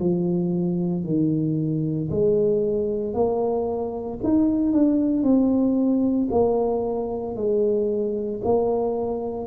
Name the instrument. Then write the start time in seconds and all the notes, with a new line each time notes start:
tuba
0.00 F3
1.04 D#3
2.11 G#3
3.14 A#3
4.24 D#4
4.73 D4
5.23 C4
6.32 A#3
7.36 G#3
8.44 A#3